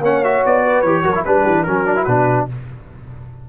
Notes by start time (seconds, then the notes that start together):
0.00 A#3 C#4 C#5 F#5
0.24 F#4 E5
0.46 B3 D5
0.63 B4
0.81 E3 G4 C#5
1.03 F#3 F#4 A#4
1.15 E4
1.25 G3 D4 B4
1.43 E3 G4
1.63 F#3 C#4 F#4 A#4
1.86 D4
1.96 E4
2.04 B2 D4 B4